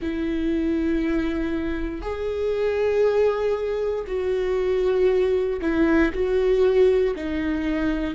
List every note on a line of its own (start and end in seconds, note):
0.01 2.01 E4
2.01 4.04 G#4
4.07 5.59 F#4
5.61 6.12 E4
6.12 7.14 F#4
7.15 8.14 D#4